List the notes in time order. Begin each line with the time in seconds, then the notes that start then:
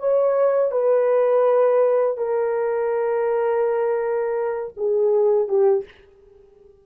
0.00 C#5
0.72 B4
2.18 A#4
4.77 G#4
5.49 G4